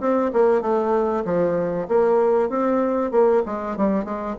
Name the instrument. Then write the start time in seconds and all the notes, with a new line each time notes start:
bassoon
0.00 C4
0.33 A#3
0.61 A3
1.25 F3
1.88 A#3
2.49 C4
3.11 A#3
3.46 G#3
3.77 G3
4.04 G#3